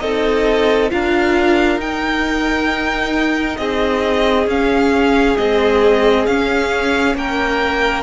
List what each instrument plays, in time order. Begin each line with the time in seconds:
0.00 cello C4, viola D#4, violin A4 D#5
0.91 cello D4, viola F4, violin A#4 F5
1.78 cello D#4, viola D#4, violin G5
3.57 cello C4, violin G#4 D#5
4.47 cello C#4, viola C#4, violin F5
5.37 viola G#3, cello C4, violin D#5
6.26 cello C#4, viola C#4, violin F5
7.15 cello A#3, violin A#4 G5